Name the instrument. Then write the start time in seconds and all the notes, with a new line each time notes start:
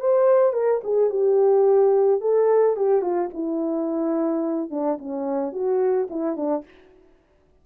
horn
0.00 C5
0.53 A#4
0.84 G#4
1.10 G4
2.21 A4
2.77 G4
3.02 F4
3.34 E4
4.70 D4
4.98 C#4
5.52 F#4
6.10 E4
6.37 D4